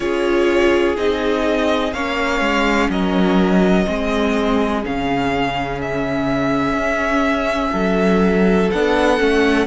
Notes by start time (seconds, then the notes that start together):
0.00 C#4 F4 G#4 C#5
0.96 C4 D#4 D#5
1.93 A#3 C#4 C#5 F5
2.40 G#3
2.89 F#3 A#4 D#5
3.84 G#3 C4 G#4
4.84 C#3 C#4 F5
5.81 E5
6.73 C#4
7.71 F#3 A4
8.71 B3 D4 F#5
9.19 A3 C#4